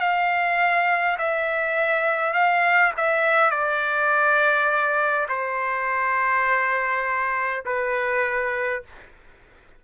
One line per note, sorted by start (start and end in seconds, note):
0.00 1.18 F5
1.18 2.34 E5
2.34 2.93 F5
2.97 3.51 E5
3.51 5.27 D5
5.29 7.64 C5
7.66 8.83 B4